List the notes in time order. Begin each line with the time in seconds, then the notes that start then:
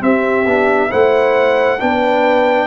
0.00 C4 G4 E5
0.47 B3 D4
0.90 A3 E4 C5 F#5
1.80 B3 D4 B4 G5